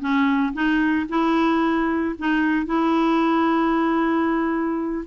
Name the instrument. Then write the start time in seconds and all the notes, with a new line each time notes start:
clarinet
0.00 C#4
0.53 D#4
1.09 E4
2.18 D#4
2.66 E4